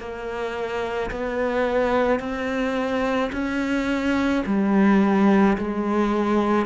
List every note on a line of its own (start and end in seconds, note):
0.00 1.11 A#3
1.11 2.20 B3
2.20 3.31 C4
3.33 4.44 C#4
4.46 5.58 G3
5.58 6.67 G#3